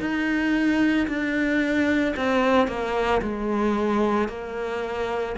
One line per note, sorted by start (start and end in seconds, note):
0.00 1.07 D#4
1.08 2.15 D4
2.17 2.67 C4
2.67 3.21 A#3
3.21 4.29 G#3
4.29 5.36 A#3